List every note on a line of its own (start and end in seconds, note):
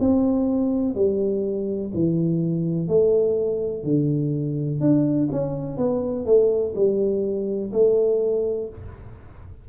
0.00 0.95 C4
0.95 1.92 G3
1.94 2.89 E3
2.89 3.84 A3
3.84 4.81 D3
4.81 5.29 D4
5.32 5.78 C#4
5.78 6.26 B3
6.26 6.74 A3
6.76 7.72 G3
7.73 8.70 A3